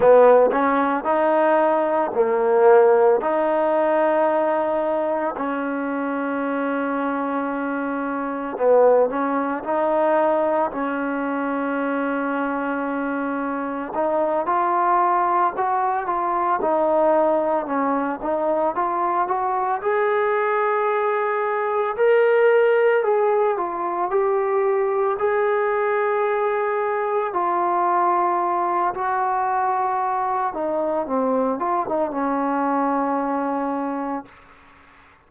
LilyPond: \new Staff \with { instrumentName = "trombone" } { \time 4/4 \tempo 4 = 56 b8 cis'8 dis'4 ais4 dis'4~ | dis'4 cis'2. | b8 cis'8 dis'4 cis'2~ | cis'4 dis'8 f'4 fis'8 f'8 dis'8~ |
dis'8 cis'8 dis'8 f'8 fis'8 gis'4.~ | gis'8 ais'4 gis'8 f'8 g'4 gis'8~ | gis'4. f'4. fis'4~ | fis'8 dis'8 c'8 f'16 dis'16 cis'2 | }